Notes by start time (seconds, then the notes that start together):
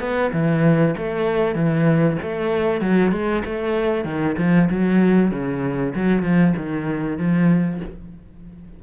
0.00 B3
0.32 E3
0.97 A3
1.55 E3
2.22 A3
2.81 F#3
3.12 G#3
3.45 A3
4.05 D#3
4.38 F3
4.70 F#3
5.31 C#3
5.95 F#3
6.22 F3
6.56 D#3
7.18 F3